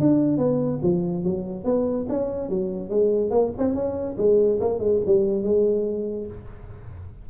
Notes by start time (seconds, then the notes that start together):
0.00 D4
0.38 B3
0.83 F3
1.24 F#3
1.65 B3
2.09 C#4
2.49 F#3
2.90 G#3
3.31 A#3
3.58 C4
3.75 C#4
4.18 G#3
4.61 A#3
4.79 G#3
5.06 G3
5.43 G#3